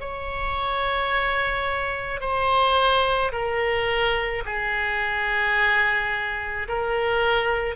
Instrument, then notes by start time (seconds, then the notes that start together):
oboe
0.00 C#5
2.21 C5
3.32 A#4
4.45 G#4
6.68 A#4